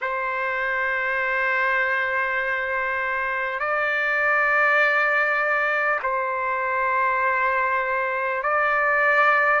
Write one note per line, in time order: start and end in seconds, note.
0.01 3.59 C5
3.59 5.99 D5
6.02 8.42 C5
8.43 9.60 D5